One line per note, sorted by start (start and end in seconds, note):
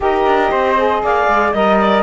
0.00 0.25 D#4
0.00 0.76 G4
0.00 0.50 A#4
0.00 1.04 D#5
0.25 0.51 D4
0.50 1.02 C4
0.50 1.01 C5
0.77 1.54 G#4
1.03 1.27 A#3
1.03 1.54 D5
1.03 1.52 F5
1.27 1.53 G#3
1.52 2.03 G3
1.52 2.03 A#4
1.52 1.77 D#5
1.52 2.03 D#5
1.80 2.03 D5